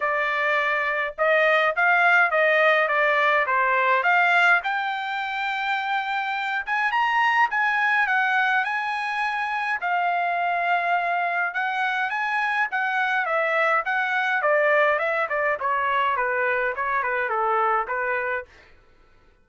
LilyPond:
\new Staff \with { instrumentName = "trumpet" } { \time 4/4 \tempo 4 = 104 d''2 dis''4 f''4 | dis''4 d''4 c''4 f''4 | g''2.~ g''8 gis''8 | ais''4 gis''4 fis''4 gis''4~ |
gis''4 f''2. | fis''4 gis''4 fis''4 e''4 | fis''4 d''4 e''8 d''8 cis''4 | b'4 cis''8 b'8 a'4 b'4 | }